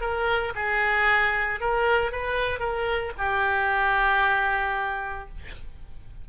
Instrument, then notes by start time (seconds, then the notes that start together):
oboe
0.00 A#4
0.55 G#4
1.60 A#4
2.11 B4
2.59 A#4
3.18 G4